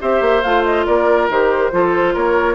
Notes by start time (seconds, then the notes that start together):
0.00 C4 G4 C5 E5
0.21 A#3
0.43 A3 F4 F5
0.64 D#5
0.86 A#3 A#4 D5
1.29 D#3 G4 C5
1.71 F3 F4 A4
2.14 A#3 A#4 C#5